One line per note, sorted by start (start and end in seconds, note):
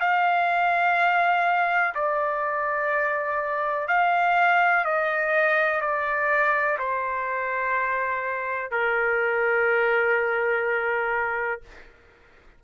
0.00 1.94 F5
1.94 3.88 D5
3.88 4.84 F5
4.84 5.81 D#5
5.81 6.77 D5
6.78 8.71 C5
8.71 11.61 A#4